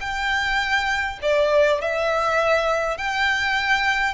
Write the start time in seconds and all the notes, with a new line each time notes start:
0.00 G5
1.22 D5
1.81 E5
2.97 G5